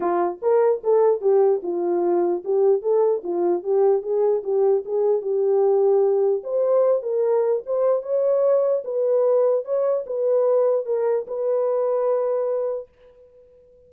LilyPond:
\new Staff \with { instrumentName = "horn" } { \time 4/4 \tempo 4 = 149 f'4 ais'4 a'4 g'4 | f'2 g'4 a'4 | f'4 g'4 gis'4 g'4 | gis'4 g'2. |
c''4. ais'4. c''4 | cis''2 b'2 | cis''4 b'2 ais'4 | b'1 | }